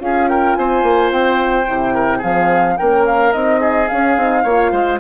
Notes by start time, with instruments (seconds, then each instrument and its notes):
0.00 bassoon C#4, horn F4, oboe G#4, flute F5
0.29 oboe A#4, flute G5
0.55 bassoon C4, oboe C5, flute G#5
0.83 bassoon A#3
1.11 bassoon C4, flute G5
1.67 bassoon C3, horn E4
1.95 oboe A#4
2.18 bassoon F3, horn C4, oboe G#4, flute F5
2.78 bassoon A#3, horn C#4, oboe A#4, flute G5
3.06 flute F5
3.33 bassoon C4, horn D#4, flute D#5
3.61 oboe G#4
3.88 bassoon C#4, horn C#4, flute F5
4.17 bassoon C4, horn D#4
4.44 bassoon A#3, horn F4, oboe C#5
4.72 bassoon G#3, oboe C5